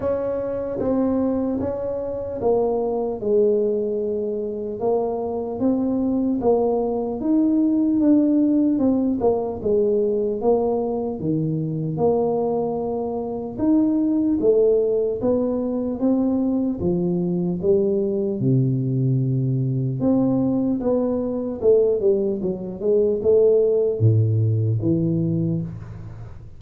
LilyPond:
\new Staff \with { instrumentName = "tuba" } { \time 4/4 \tempo 4 = 75 cis'4 c'4 cis'4 ais4 | gis2 ais4 c'4 | ais4 dis'4 d'4 c'8 ais8 | gis4 ais4 dis4 ais4~ |
ais4 dis'4 a4 b4 | c'4 f4 g4 c4~ | c4 c'4 b4 a8 g8 | fis8 gis8 a4 a,4 e4 | }